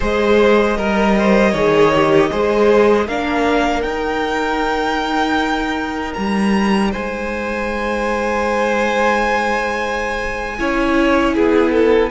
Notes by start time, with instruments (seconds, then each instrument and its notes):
0.00 cello G#3, viola G#4, violin C5 D#5
0.77 cello G3, violin A#4, viola A#4
1.18 violin C5
1.51 cello D#3, viola G#4, violin C#5
1.95 viola G4
2.31 cello G#3, viola G#4, violin C5
3.06 cello A#3, viola D4, violin A#4 F5
3.82 viola D#4, cello D#4, violin G5
6.14 cello G3, violin A#5
6.91 cello G#3, violin C5 G#5
10.58 cello C#4, viola E4, violin C#5
11.34 cello B3, violin G#4
11.71 violin A4